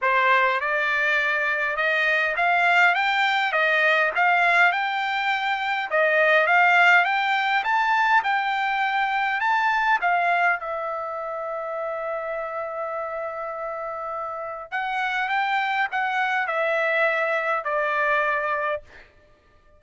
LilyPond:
\new Staff \with { instrumentName = "trumpet" } { \time 4/4 \tempo 4 = 102 c''4 d''2 dis''4 | f''4 g''4 dis''4 f''4 | g''2 dis''4 f''4 | g''4 a''4 g''2 |
a''4 f''4 e''2~ | e''1~ | e''4 fis''4 g''4 fis''4 | e''2 d''2 | }